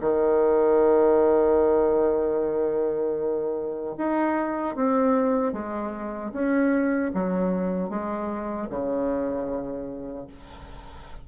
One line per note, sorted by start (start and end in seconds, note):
0.00 3.95 D#3
3.97 4.75 D#4
4.75 5.52 C4
5.52 6.31 G#3
6.32 7.11 C#4
7.14 7.89 F#3
7.89 8.68 G#3
8.69 10.27 C#3